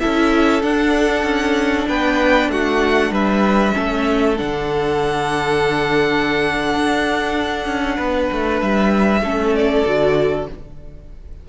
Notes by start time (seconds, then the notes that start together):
0.00 C#4 E4 A4 E5
0.62 D4 F#5
1.23 C#4
1.88 B3 B4 G5
2.49 A3 F#4 F#5
3.10 G3 B4 E5
3.73 A3 C#4 A4
4.37 D3 D4 F#5
6.75 D4
7.67 C#4
7.97 B3 B4
8.33 A3
8.62 G3 E5
9.21 A3 C#4 A4
9.55 D5
9.86 D3 F#4